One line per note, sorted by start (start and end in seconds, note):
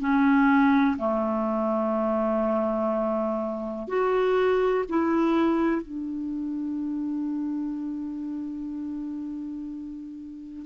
0.00 0.97 C#4
0.98 3.88 A3
3.88 4.85 F#4
4.89 5.82 E4
5.82 10.66 D4